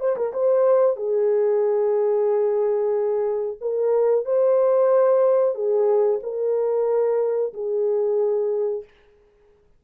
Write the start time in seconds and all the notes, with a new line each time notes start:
0.00 C5
0.17 A#4
0.33 C5
0.97 G#4
3.61 A#4
4.25 C5
5.55 G#4
6.23 A#4
7.54 G#4